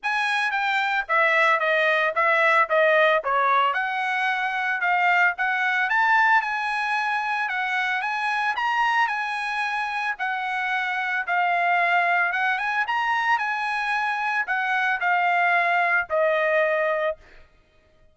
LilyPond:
\new Staff \with { instrumentName = "trumpet" } { \time 4/4 \tempo 4 = 112 gis''4 g''4 e''4 dis''4 | e''4 dis''4 cis''4 fis''4~ | fis''4 f''4 fis''4 a''4 | gis''2 fis''4 gis''4 |
ais''4 gis''2 fis''4~ | fis''4 f''2 fis''8 gis''8 | ais''4 gis''2 fis''4 | f''2 dis''2 | }